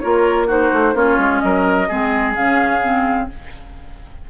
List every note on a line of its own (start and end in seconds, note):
0.00 0.73 A#3
0.00 0.48 F4
0.00 0.48 A#4
0.00 0.47 C#5
0.48 0.95 D#4
0.48 0.95 F#4
0.48 0.97 C5
0.73 0.95 A3
0.95 1.18 A#3
0.95 1.88 C#4
0.95 1.42 F4
0.95 1.40 C#5
1.18 1.42 G#3
1.40 1.90 F#3
1.40 1.89 A#4
1.40 2.33 D#5
1.89 2.37 G#3
1.89 2.36 C4
1.89 3.29 G#4
2.36 3.31 C#3
2.36 2.82 C#4
2.36 3.30 F5
2.82 3.29 C4